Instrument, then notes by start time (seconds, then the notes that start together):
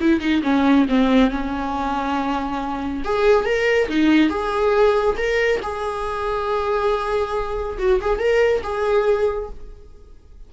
viola
0.00 E4
0.20 D#4
0.43 C#4
0.89 C4
1.30 C#4
3.04 G#4
3.45 A#4
3.89 D#4
4.29 G#4
5.17 A#4
5.62 G#4
7.78 F#4
8.01 G#4
8.19 A#4
8.63 G#4